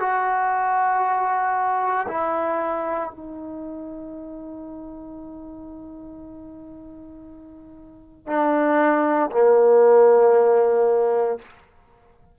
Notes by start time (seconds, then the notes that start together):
0.00 F#4
2.08 E4
3.10 D#4
8.27 D4
9.32 A#3